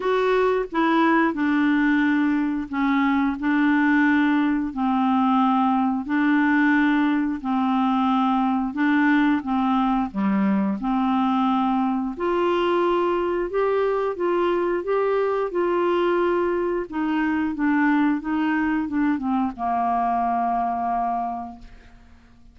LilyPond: \new Staff \with { instrumentName = "clarinet" } { \time 4/4 \tempo 4 = 89 fis'4 e'4 d'2 | cis'4 d'2 c'4~ | c'4 d'2 c'4~ | c'4 d'4 c'4 g4 |
c'2 f'2 | g'4 f'4 g'4 f'4~ | f'4 dis'4 d'4 dis'4 | d'8 c'8 ais2. | }